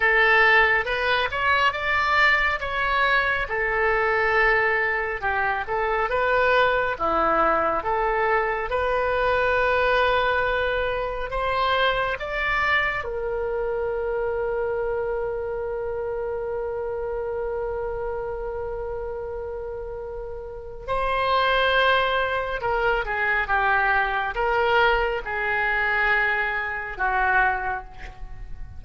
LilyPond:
\new Staff \with { instrumentName = "oboe" } { \time 4/4 \tempo 4 = 69 a'4 b'8 cis''8 d''4 cis''4 | a'2 g'8 a'8 b'4 | e'4 a'4 b'2~ | b'4 c''4 d''4 ais'4~ |
ais'1~ | ais'1 | c''2 ais'8 gis'8 g'4 | ais'4 gis'2 fis'4 | }